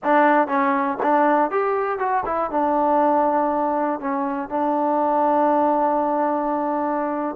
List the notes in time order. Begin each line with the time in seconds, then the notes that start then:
0.03 D4
0.47 C#4
1.02 D4
1.50 G4
1.98 F#4
2.25 E4
2.50 D4
4.00 C#4
4.49 D4